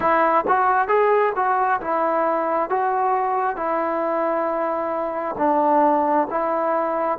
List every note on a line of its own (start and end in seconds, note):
0.00 0.44 E4
0.47 0.88 F#4
0.88 1.32 G#4
1.35 1.80 F#4
1.80 2.69 E4
2.69 3.56 F#4
3.56 5.35 E4
5.38 6.27 D4
6.30 7.18 E4